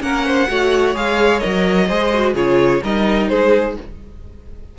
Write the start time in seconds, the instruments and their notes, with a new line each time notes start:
0.00 cello A#3, viola C#4, violin A#4 F#5
0.25 violin C5
0.48 cello A3, viola F#4, violin C#5
0.94 cello G#3, viola G#4, violin F5
1.39 cello F#3, viola A#4, violin D#5
1.87 cello G#3, viola G#4, violin C5
2.14 viola F#4
2.34 cello C#3, viola F4, violin G#4 C#5
2.83 cello G3, viola D#4, violin A#4 D#5
3.28 cello G#3, violin G#4 C5